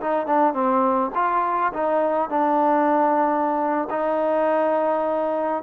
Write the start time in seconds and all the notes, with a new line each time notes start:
0.00 D#4
0.26 D4
0.53 C4
1.15 F4
1.73 D#4
2.29 D4
3.90 D#4